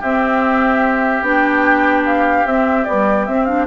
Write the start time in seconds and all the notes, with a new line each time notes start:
0.00 C4 G4 E5
1.22 B3 D4 G5
2.06 F5
2.45 C4 E5
2.84 G3 B3 D5
3.26 C4 E5
3.45 D4 F5